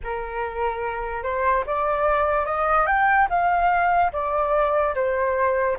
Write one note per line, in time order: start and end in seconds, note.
0.03 1.23 A#4
1.23 1.64 C5
1.66 2.45 D5
2.45 2.86 D#5
2.86 3.27 G5
3.29 4.11 F5
4.12 4.94 D5
4.95 5.77 C5